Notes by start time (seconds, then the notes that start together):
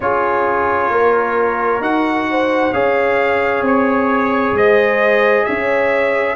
0.00 C#4 F4 G#4 C#5
0.89 A#3 A#4
1.80 D#4 F#4 F#5
2.30 C5
2.72 C#4 G#4 C#5 F5
3.61 C4 C#5
4.52 G#3 C5 D#5
5.44 C#4 C#5 E5